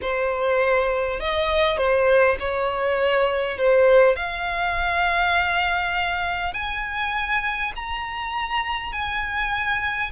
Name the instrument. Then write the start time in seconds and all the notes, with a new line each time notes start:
violin
0.01 C5
1.20 D#5
1.77 C5
2.39 C#5
3.57 C5
4.16 F5
6.53 G#5
7.75 A#5
8.92 G#5